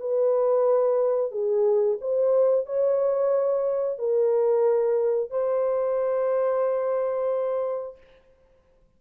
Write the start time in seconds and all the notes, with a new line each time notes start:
0.00 B4
1.31 G#4
2.01 C5
2.66 C#5
3.98 A#4
5.31 C5